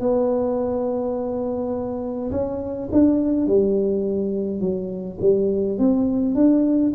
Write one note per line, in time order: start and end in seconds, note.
0.00 2.31 B3
2.32 2.89 C#4
2.92 3.47 D4
3.47 4.60 G3
4.60 5.18 F#3
5.21 5.78 G3
5.79 6.35 C4
6.35 6.92 D4